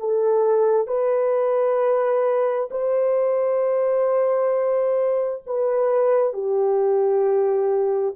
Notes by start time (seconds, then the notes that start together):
0.00 A4
0.88 B4
2.71 C5
5.47 B4
6.34 G4